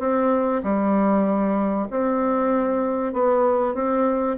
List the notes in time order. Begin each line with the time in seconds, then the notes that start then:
0.00 C4
0.64 G3
1.91 C4
3.14 B3
3.75 C4